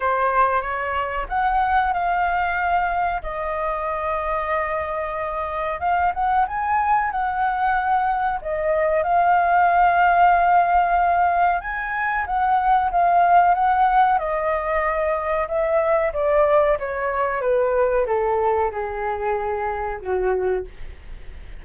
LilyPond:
\new Staff \with { instrumentName = "flute" } { \time 4/4 \tempo 4 = 93 c''4 cis''4 fis''4 f''4~ | f''4 dis''2.~ | dis''4 f''8 fis''8 gis''4 fis''4~ | fis''4 dis''4 f''2~ |
f''2 gis''4 fis''4 | f''4 fis''4 dis''2 | e''4 d''4 cis''4 b'4 | a'4 gis'2 fis'4 | }